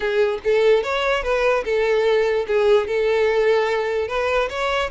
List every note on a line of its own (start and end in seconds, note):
0.00 0.39 G#4
0.43 0.83 A4
0.83 1.23 C#5
1.23 1.63 B4
1.64 2.46 A4
2.47 2.87 G#4
2.87 4.08 A4
4.08 4.48 B4
4.49 4.90 C#5